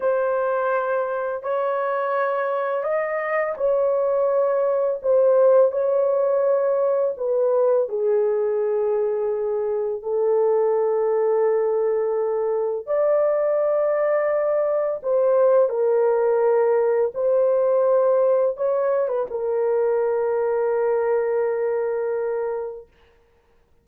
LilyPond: \new Staff \with { instrumentName = "horn" } { \time 4/4 \tempo 4 = 84 c''2 cis''2 | dis''4 cis''2 c''4 | cis''2 b'4 gis'4~ | gis'2 a'2~ |
a'2 d''2~ | d''4 c''4 ais'2 | c''2 cis''8. b'16 ais'4~ | ais'1 | }